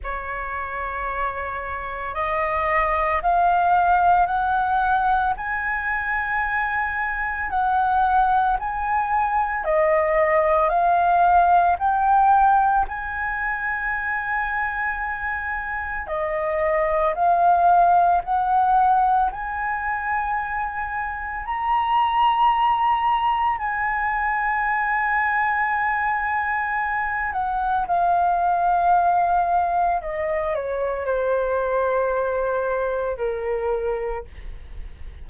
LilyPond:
\new Staff \with { instrumentName = "flute" } { \time 4/4 \tempo 4 = 56 cis''2 dis''4 f''4 | fis''4 gis''2 fis''4 | gis''4 dis''4 f''4 g''4 | gis''2. dis''4 |
f''4 fis''4 gis''2 | ais''2 gis''2~ | gis''4. fis''8 f''2 | dis''8 cis''8 c''2 ais'4 | }